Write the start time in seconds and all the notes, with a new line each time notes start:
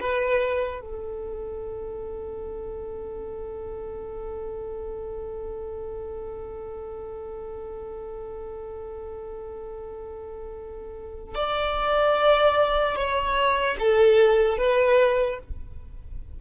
0.00 B4
0.81 A4
11.34 D5
12.95 C#5
13.79 A4
14.57 B4